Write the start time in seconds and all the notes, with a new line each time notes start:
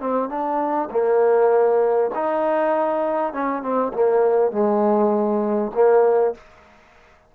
0.00 C4
0.29 D4
0.91 A#3
2.15 D#4
3.33 C#4
3.62 C4
3.94 A#3
4.51 G#3
5.74 A#3